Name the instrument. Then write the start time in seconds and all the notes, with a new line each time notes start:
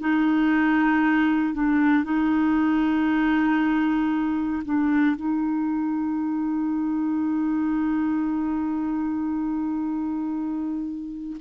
clarinet
0.00 D#4
1.54 D4
2.04 D#4
4.65 D4
5.16 D#4